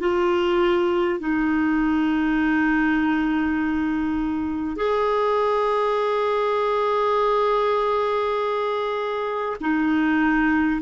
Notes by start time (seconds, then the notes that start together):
0.00 F4
1.19 D#4
4.77 G#4
9.61 D#4